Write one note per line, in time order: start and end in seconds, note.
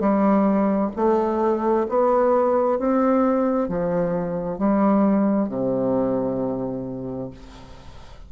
0.00 0.91 G3
0.96 1.87 A3
1.89 2.79 B3
2.79 3.69 C4
3.69 4.59 F3
4.59 5.49 G3
5.49 7.31 C3